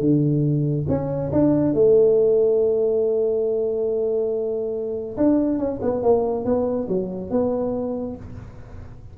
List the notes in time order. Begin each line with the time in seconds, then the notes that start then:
0.00 D3
0.88 C#4
1.32 D4
1.73 A3
5.16 D4
5.58 C#4
5.81 B3
6.02 A#3
6.45 B3
6.88 F#3
7.30 B3